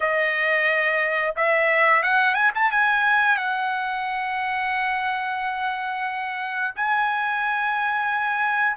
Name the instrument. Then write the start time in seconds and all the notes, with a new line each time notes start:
trumpet
0.00 D#5
1.35 E5
2.02 F#5
2.34 G#5
2.54 A5
2.71 G#5
3.37 F#5
6.75 G#5